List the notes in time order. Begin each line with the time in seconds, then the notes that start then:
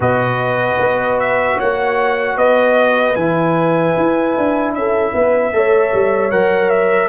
0.00 B2 F#4 B4 D#5
0.79 B3
1.19 E5
1.56 A#3 C#5 F#5
2.36 B3 B4 D#5
3.15 E3 E4 G#5
3.97 E4
4.37 D4
4.73 C#4 A4 E5
5.13 B3 B4
5.52 A3 A4 C#5
5.93 G3
6.31 F#3 A#4 F#5
6.69 E5